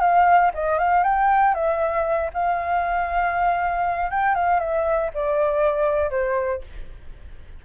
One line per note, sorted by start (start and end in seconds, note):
0.00 0.51 F5
0.54 0.78 D#5
0.78 1.04 F5
1.04 1.54 G5
1.54 2.30 E5
2.33 4.10 F5
4.10 4.35 G5
4.35 4.59 F5
4.59 5.10 E5
5.14 6.10 D5
6.10 6.61 C5